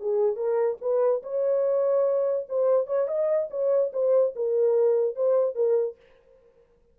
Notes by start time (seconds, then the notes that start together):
0.00 G#4
0.36 A#4
0.81 B4
1.23 C#5
2.49 C5
2.87 C#5
3.08 D#5
3.51 C#5
3.93 C5
4.36 A#4
5.16 C5
5.55 A#4